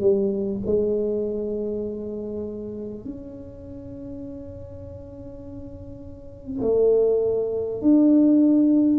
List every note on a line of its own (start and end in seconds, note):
0.00 0.60 G3
0.65 3.05 G#3
3.05 6.62 C#4
6.62 7.81 A3
7.81 8.99 D4